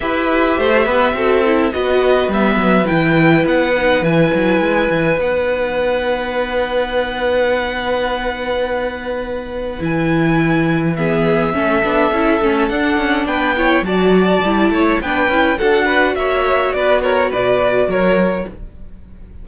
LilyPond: <<
  \new Staff \with { instrumentName = "violin" } { \time 4/4 \tempo 4 = 104 e''2. dis''4 | e''4 g''4 fis''4 gis''4~ | gis''4 fis''2.~ | fis''1~ |
fis''4 gis''2 e''4~ | e''2 fis''4 g''4 | a''2 g''4 fis''4 | e''4 d''8 cis''8 d''4 cis''4 | }
  \new Staff \with { instrumentName = "violin" } { \time 4/4 b'4 c''8 b'8 a'4 b'4~ | b'1~ | b'1~ | b'1~ |
b'2. gis'4 | a'2. b'8 cis''8 | d''4. cis''8 b'4 a'8 b'8 | cis''4 b'8 ais'8 b'4 ais'4 | }
  \new Staff \with { instrumentName = "viola" } { \time 4/4 g'2 fis'8 e'8 fis'4 | b4 e'4. dis'8 e'4~ | e'4 dis'2.~ | dis'1~ |
dis'4 e'2 b4 | cis'8 d'8 e'8 cis'8 d'4. e'8 | fis'4 e'4 d'8 e'8 fis'4~ | fis'1 | }
  \new Staff \with { instrumentName = "cello" } { \time 4/4 e'4 a8 b8 c'4 b4 | g8 fis8 e4 b4 e8 fis8 | gis8 e8 b2.~ | b1~ |
b4 e2. | a8 b8 cis'8 a8 d'8 cis'8 b4 | fis4 g8 a8 b8 cis'8 d'4 | ais4 b4 b,4 fis4 | }
>>